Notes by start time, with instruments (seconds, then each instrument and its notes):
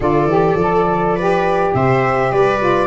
0.00 tuba D3, saxophone F4, viola A4, flute D5
0.25 tuba E3, saxophone G4
0.54 tuba F3
0.61 saxophone A4
1.15 saxophone G4, viola B4
1.74 tuba C3, viola C5, flute E5
2.31 tuba G3, viola B4, flute D5
2.59 saxophone F4